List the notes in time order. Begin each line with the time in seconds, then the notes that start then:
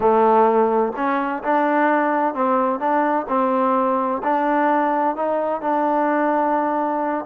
0.00 A3
0.96 C#4
1.43 D4
2.34 C4
2.79 D4
3.28 C4
4.23 D4
5.16 D#4
5.61 D4